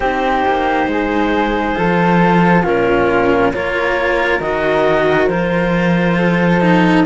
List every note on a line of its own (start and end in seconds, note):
0.00 0.43 C4
0.00 1.75 D#4
0.00 0.88 G4
0.00 2.64 C5
0.47 0.86 A#3
0.86 1.75 G#3
0.86 1.78 G#4
1.75 2.64 F3
1.75 2.63 F4
1.75 2.62 A4
2.62 3.53 A#2
2.62 3.52 C#4
2.62 3.51 F4
2.62 3.53 A#4
3.53 4.39 A#3
3.53 4.41 F4
3.53 6.17 A#4
3.53 4.40 C#5
4.39 5.27 D#3
4.39 5.30 F#4
4.39 5.27 D#5
5.27 7.04 F3
5.27 6.60 F4
5.27 7.03 C5
6.17 7.05 A4
6.60 7.05 D#4